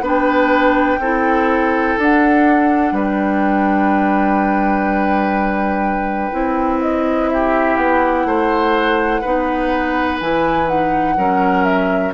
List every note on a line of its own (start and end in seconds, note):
0.00 0.97 B3
0.00 0.99 D4
0.00 0.99 B4
0.07 2.00 G5
0.99 1.96 C4
0.99 1.99 E4
0.99 2.94 A4
1.98 2.92 D4
1.98 6.32 D4
1.98 2.96 F#5
2.92 6.31 G3
2.92 7.30 B4
2.92 6.81 G5
6.32 7.76 C4
6.32 9.22 E4
6.81 7.29 D#5
7.29 8.27 G4
7.29 7.76 E5
7.76 8.25 B3
7.76 10.18 F#5
8.25 9.22 A3
8.25 9.21 C5
9.21 10.21 B3
9.21 10.21 D#4
9.21 11.15 B4
10.21 11.17 E3
10.21 10.67 E4
10.21 10.68 G#5
10.67 11.15 D#4
10.67 11.64 F#5
11.17 12.13 F#3
11.17 12.14 C#4
11.17 12.14 A#4
11.64 12.12 E5